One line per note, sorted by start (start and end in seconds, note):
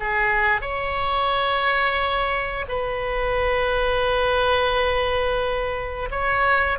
0.00 0.61 G#4
0.61 2.65 C#5
2.68 6.09 B4
6.11 6.79 C#5